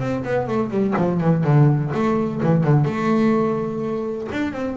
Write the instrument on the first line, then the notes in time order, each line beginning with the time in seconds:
double bass
0.00 C4
0.24 B3
0.48 A3
0.71 G3
0.97 F3
1.21 E3
1.44 D3
1.94 A3
2.43 E3
2.64 D3
2.85 A3
4.32 D4
4.53 C4